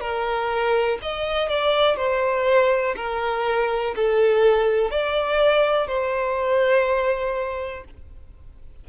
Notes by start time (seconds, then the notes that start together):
0.00 A#4
1.02 D#5
1.49 D5
1.97 C5
2.96 A#4
3.95 A4
4.90 D5
5.87 C5